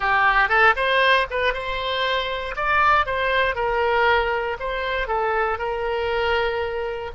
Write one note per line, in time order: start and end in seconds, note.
0.00 0.49 G4
0.49 0.74 A4
0.75 1.26 C5
1.30 1.53 B4
1.53 2.55 C5
2.56 3.05 D5
3.05 3.55 C5
3.55 4.57 A#4
4.59 5.07 C5
5.07 5.58 A4
5.58 7.11 A#4